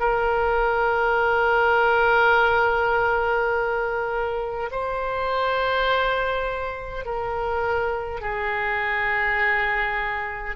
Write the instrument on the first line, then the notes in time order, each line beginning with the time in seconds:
oboe
0.00 A#4
4.72 C5
7.06 A#4
8.21 G#4